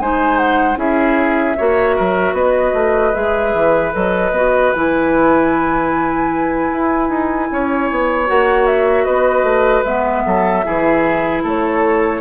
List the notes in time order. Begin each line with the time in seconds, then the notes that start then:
0.00 G#3 D#4 C5 G#5
0.38 F#5
0.76 C#4 E4 G#4 E5
1.57 A#3 F#4 C#5
1.96 F#3 A#4
2.33 B3 B4 D#5
2.74 A3
3.14 G#3 G#4 E5
3.54 E3
3.92 F#3 A4 D#5
4.32 B3 F#4
4.73 E3 E4 G#5
6.72 E4
7.10 D#4
7.51 C#4 C#5
7.91 B3
8.27 A#3 F#4 F#5
8.67 E5
9.05 B3 B4 D#5
9.43 A3
9.85 G#3 B3 E5
10.26 F#3 A4
10.64 E3 E4 G#4
11.44 A3 A4 C#5